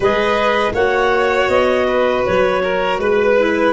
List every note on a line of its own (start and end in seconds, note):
0.00 0.73 G#3
0.00 0.75 G#4
0.00 0.72 B4
0.00 0.73 D#5
0.73 1.48 A#3
0.73 3.37 F#4
0.73 1.86 C#5
0.73 1.48 F#5
1.48 2.23 B3
1.48 2.23 D#5
1.87 2.62 B4
2.25 2.98 F#3
2.25 2.99 C#5
2.63 3.00 A#4
2.98 3.73 G#3
2.98 3.73 B4
3.38 3.73 E4